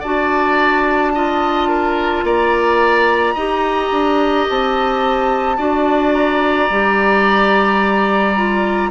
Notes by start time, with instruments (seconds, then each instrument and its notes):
0.00 bassoon D4, clarinet F#4, oboe D5, flute A5
1.14 clarinet F4, oboe D#5
1.68 oboe A#4
2.23 bassoon A#3, oboe D5, flute A#5
3.34 bassoon D#4, clarinet G4, oboe D#5
3.91 bassoon D4
4.49 bassoon C4, flute A5
5.57 bassoon D4, clarinet F#4, oboe D5
6.13 flute A#5
6.69 bassoon G3, clarinet G4
8.36 clarinet F4